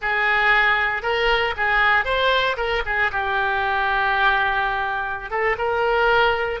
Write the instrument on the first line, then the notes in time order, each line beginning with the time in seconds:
oboe
0.01 G#4
1.02 A#4
1.56 G#4
2.04 C5
2.57 A#4
2.85 G#4
3.11 G4
5.30 A4
5.57 A#4